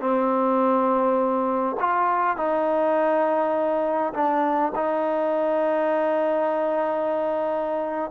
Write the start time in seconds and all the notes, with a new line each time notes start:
0.00 C4
1.79 F4
2.37 D#4
4.13 D4
4.75 D#4